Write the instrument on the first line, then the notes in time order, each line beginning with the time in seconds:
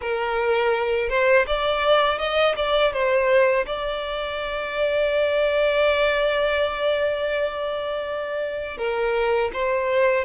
violin
0.01 A#4
1.09 C5
1.46 D5
2.18 D#5
2.56 D5
2.92 C5
3.66 D5
8.77 A#4
9.53 C5